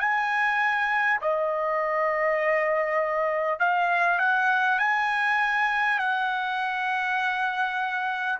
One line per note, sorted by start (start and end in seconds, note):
0.00 1.20 G#5
1.21 3.59 D#5
3.59 4.18 F5
4.18 4.78 F#5
4.78 5.98 G#5
5.98 8.38 F#5